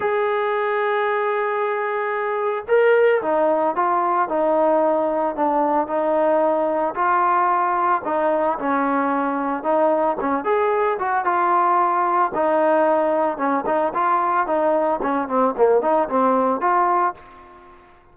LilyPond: \new Staff \with { instrumentName = "trombone" } { \time 4/4 \tempo 4 = 112 gis'1~ | gis'4 ais'4 dis'4 f'4 | dis'2 d'4 dis'4~ | dis'4 f'2 dis'4 |
cis'2 dis'4 cis'8 gis'8~ | gis'8 fis'8 f'2 dis'4~ | dis'4 cis'8 dis'8 f'4 dis'4 | cis'8 c'8 ais8 dis'8 c'4 f'4 | }